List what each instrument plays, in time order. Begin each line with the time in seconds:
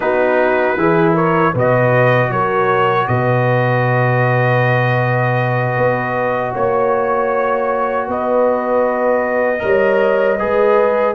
0.00 tuba B3, trombone D#4, horn F#4, trumpet B4
0.76 tuba E3, trombone E4, horn G#4
1.13 horn A#4, trumpet C#5
1.53 tuba B2, trombone F#4, horn B4, trumpet D#5
2.29 tuba F#3, horn A#4, trumpet C#5
3.07 tuba B2, horn B4, trumpet D#5
5.76 tuba B3
6.52 tuba A#3, horn C#5, trumpet C#5
8.07 tuba B3, horn B4, trumpet D#5
9.59 tuba G3, trombone A#4, horn C#5
10.38 tuba G#3, trombone G#4, horn B4